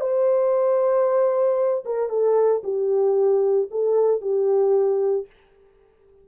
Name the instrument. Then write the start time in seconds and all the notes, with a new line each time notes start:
horn
0.00 C5
1.85 A#4
2.09 A4
2.63 G4
3.70 A4
4.21 G4